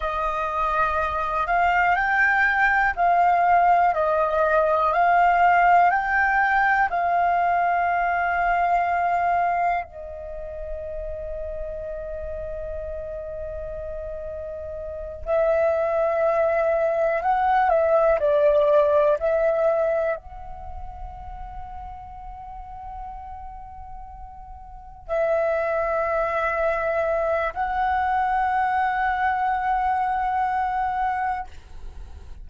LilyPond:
\new Staff \with { instrumentName = "flute" } { \time 4/4 \tempo 4 = 61 dis''4. f''8 g''4 f''4 | dis''4 f''4 g''4 f''4~ | f''2 dis''2~ | dis''2.~ dis''8 e''8~ |
e''4. fis''8 e''8 d''4 e''8~ | e''8 fis''2.~ fis''8~ | fis''4. e''2~ e''8 | fis''1 | }